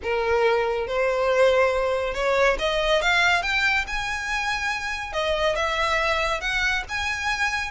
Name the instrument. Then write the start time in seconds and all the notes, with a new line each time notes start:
violin
0.03 A#4
0.87 C5
2.14 C#5
2.59 D#5
3.01 F5
3.42 G5
3.87 G#5
5.12 D#5
5.55 E5
6.40 F#5
6.88 G#5